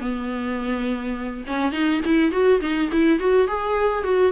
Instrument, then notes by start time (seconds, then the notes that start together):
viola
0.00 B3
1.47 C#4
1.72 D#4
2.05 E4
2.32 F#4
2.61 D#4
2.92 E4
3.19 F#4
3.47 G#4
4.03 F#4